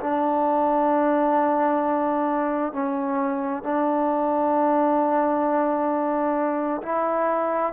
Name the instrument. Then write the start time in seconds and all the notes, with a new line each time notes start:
trombone
0.00 D4
2.72 C#4
3.63 D4
6.82 E4